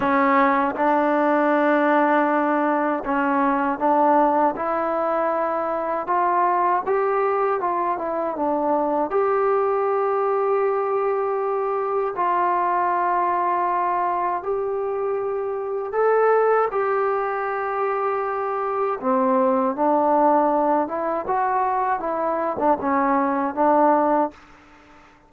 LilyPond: \new Staff \with { instrumentName = "trombone" } { \time 4/4 \tempo 4 = 79 cis'4 d'2. | cis'4 d'4 e'2 | f'4 g'4 f'8 e'8 d'4 | g'1 |
f'2. g'4~ | g'4 a'4 g'2~ | g'4 c'4 d'4. e'8 | fis'4 e'8. d'16 cis'4 d'4 | }